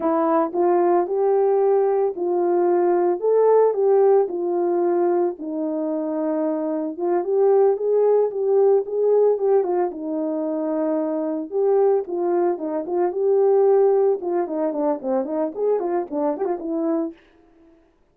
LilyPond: \new Staff \with { instrumentName = "horn" } { \time 4/4 \tempo 4 = 112 e'4 f'4 g'2 | f'2 a'4 g'4 | f'2 dis'2~ | dis'4 f'8 g'4 gis'4 g'8~ |
g'8 gis'4 g'8 f'8 dis'4.~ | dis'4. g'4 f'4 dis'8 | f'8 g'2 f'8 dis'8 d'8 | c'8 dis'8 gis'8 f'8 d'8 g'16 f'16 e'4 | }